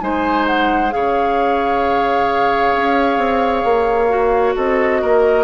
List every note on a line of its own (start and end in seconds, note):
0.00 0.93 G#3
0.00 0.90 D#4
0.00 0.94 C5
0.00 0.45 G#5
0.46 0.91 F#5
0.90 2.75 C#3
0.90 4.08 G#4
0.90 4.55 C#5
0.90 4.55 F5
2.76 3.17 C#4
3.17 3.63 C4
3.64 4.55 A#3
4.08 5.44 F#4
4.55 5.02 C4
4.55 5.01 A4
4.55 5.44 D#5
5.01 5.44 A#3
5.01 5.44 A#4